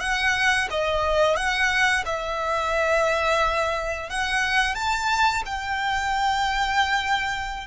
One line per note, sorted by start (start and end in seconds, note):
0.00 0.68 F#5
0.71 1.36 D#5
1.36 2.04 F#5
2.06 4.10 E5
4.10 4.75 F#5
4.75 5.43 A5
5.46 7.67 G5